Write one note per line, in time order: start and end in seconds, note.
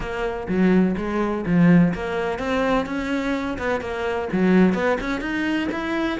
0.00 0.47 A#3
0.48 0.95 F#3
0.97 1.44 G#3
1.45 1.93 F3
1.94 2.39 A#3
2.39 2.86 C4
2.86 3.57 C#4
3.58 3.81 B3
3.81 4.28 A#3
4.32 4.74 F#3
4.74 4.98 B3
5.00 5.20 C#4
5.20 5.68 D#4
5.71 6.19 E4